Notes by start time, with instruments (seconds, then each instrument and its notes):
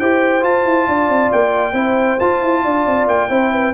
0.00 tuba E4, trombone G4, horn C5, trumpet G5
0.41 trombone F4, tuba F4, trumpet A5
0.66 tuba E4
0.88 tuba D4, horn D5
1.10 tuba C4
1.32 tuba A#3, trumpet G5
1.73 tuba C4, trombone E4, horn C5
2.20 tuba F4, trombone F4, trumpet A5
2.42 tuba E4
2.65 tuba D4, horn D5
2.87 tuba C4
3.07 tuba A#3, trumpet G5
3.30 tuba C4, trombone E4, horn C5
3.52 horn B4